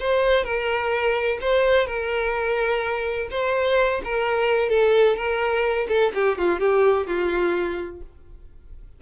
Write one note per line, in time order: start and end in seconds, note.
0.00 0.44 C5
0.44 1.38 A#4
1.41 1.86 C5
1.86 3.28 A#4
3.30 4.01 C5
4.04 4.69 A#4
4.69 5.16 A4
5.16 5.87 A#4
5.88 6.12 A4
6.14 6.38 G4
6.38 6.59 F4
6.59 7.07 G4
7.07 8.01 F4